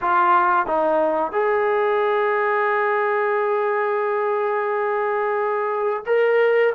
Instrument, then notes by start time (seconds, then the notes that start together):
trombone
0.01 F4
0.66 D#4
1.31 G#4
6.06 A#4